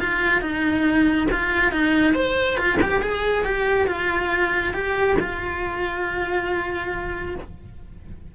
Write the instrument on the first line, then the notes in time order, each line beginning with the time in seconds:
cello
0.00 F4
0.42 D#4
1.32 F4
1.72 D#4
2.14 C5
2.58 F4
2.82 G4
3.02 G#4
3.45 G4
3.88 F4
4.74 G4
5.20 F4